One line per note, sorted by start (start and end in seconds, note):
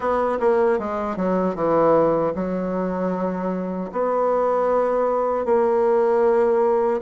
0.00 0.38 B3
0.40 0.79 A#3
0.79 1.16 G#3
1.16 1.55 F#3
1.55 2.33 E3
2.35 3.91 F#3
3.92 5.45 B3
5.45 7.01 A#3